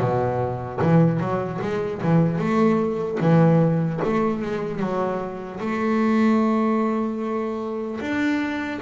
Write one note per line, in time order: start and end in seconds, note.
0.00 0.80 B2
0.82 1.20 E3
1.20 1.60 F#3
1.62 2.02 G#3
2.03 2.39 E3
2.39 3.19 A3
3.21 4.01 E3
4.04 4.42 A3
4.42 4.80 G#3
4.80 5.60 F#3
5.60 8.00 A3
8.01 8.81 D4